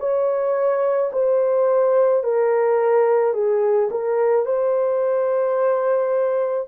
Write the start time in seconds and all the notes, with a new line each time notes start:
0.00 C#5
1.13 C5
2.24 A#4
3.34 G#4
3.91 A#4
4.46 C5